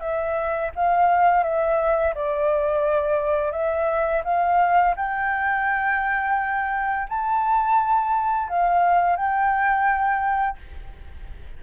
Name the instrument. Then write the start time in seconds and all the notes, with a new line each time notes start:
flute
0.00 E5
0.75 F5
1.43 E5
2.15 D5
3.52 E5
4.24 F5
4.96 G5
7.09 A5
8.48 F5
9.16 G5